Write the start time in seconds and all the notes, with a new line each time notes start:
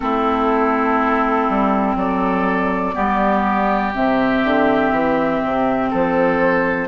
0.00 A3 C4 E4 A4
1.49 G3
1.95 F#3 A4 D5
2.93 G3 B3 G4
3.94 C3 C4 E5
4.44 D3
4.91 E3
5.43 C3
5.90 F3 A4 C5